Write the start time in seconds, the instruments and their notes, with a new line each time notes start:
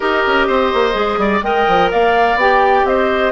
0.00 bassoon D#4, clarinet G4, oboe A#4, flute D#5
0.26 bassoon C#4
0.47 bassoon C4, oboe C5
0.73 bassoon A#3
0.92 bassoon G#3, clarinet G#4
1.17 bassoon G3, oboe D5
1.42 bassoon G#3, clarinet A#4, oboe D#5, flute G5
1.67 bassoon F3
1.91 bassoon A#3, oboe D5, flute F5
2.35 bassoon B3, clarinet G4, flute G5
2.84 bassoon C4, oboe C5, flute D#5